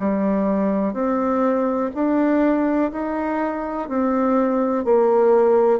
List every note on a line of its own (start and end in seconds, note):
0.00 0.94 G3
0.94 1.90 C4
1.95 2.92 D4
2.92 3.89 D#4
3.89 4.85 C4
4.85 5.80 A#3